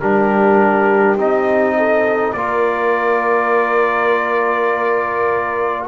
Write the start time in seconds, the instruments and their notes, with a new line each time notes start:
0.00 double bass G3, trombone D4, horn G4, trumpet A#4
1.15 double bass C4, trombone D#4, trumpet D#5
1.77 horn A4
2.33 double bass A#3, trombone F4, horn A#4, trumpet D5